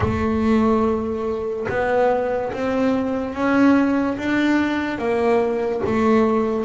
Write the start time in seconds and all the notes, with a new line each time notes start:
0.00 A3
1.69 B3
2.52 C4
3.33 C#4
4.17 D4
4.98 A#3
5.86 A3